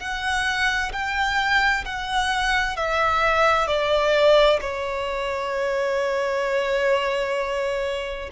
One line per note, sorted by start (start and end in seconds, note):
0.00 0.92 F#5
0.93 1.85 G5
1.85 2.77 F#5
2.77 3.68 E5
3.68 4.60 D5
4.61 8.30 C#5